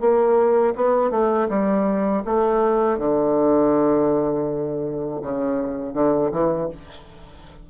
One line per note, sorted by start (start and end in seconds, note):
0.00 0.74 A#3
0.75 1.10 B3
1.10 1.47 A3
1.49 2.23 G3
2.25 2.98 A3
2.98 5.21 D3
5.22 5.93 C#3
5.93 6.30 D3
6.31 6.68 E3